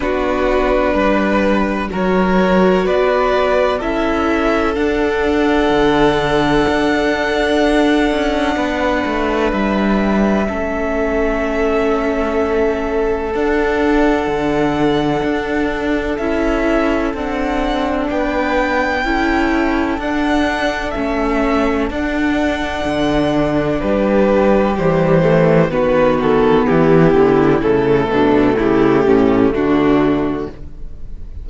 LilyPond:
<<
  \new Staff \with { instrumentName = "violin" } { \time 4/4 \tempo 4 = 63 b'2 cis''4 d''4 | e''4 fis''2.~ | fis''2 e''2~ | e''2 fis''2~ |
fis''4 e''4 fis''4 g''4~ | g''4 fis''4 e''4 fis''4~ | fis''4 b'4 c''4 b'8 a'8 | g'4 a'4 g'4 fis'4 | }
  \new Staff \with { instrumentName = "violin" } { \time 4/4 fis'4 b'4 ais'4 b'4 | a'1~ | a'4 b'2 a'4~ | a'1~ |
a'2. b'4 | a'1~ | a'4 g'2 fis'4 | e'4. d'8 e'8 cis'8 d'4 | }
  \new Staff \with { instrumentName = "viola" } { \time 4/4 d'2 fis'2 | e'4 d'2.~ | d'2. cis'4~ | cis'2 d'2~ |
d'4 e'4 d'2 | e'4 d'4 cis'4 d'4~ | d'2 g8 a8 b4~ | b4 a2. | }
  \new Staff \with { instrumentName = "cello" } { \time 4/4 b4 g4 fis4 b4 | cis'4 d'4 d4 d'4~ | d'8 cis'8 b8 a8 g4 a4~ | a2 d'4 d4 |
d'4 cis'4 c'4 b4 | cis'4 d'4 a4 d'4 | d4 g4 e4 dis4 | e8 d8 cis8 b,8 cis8 a,8 d4 | }
>>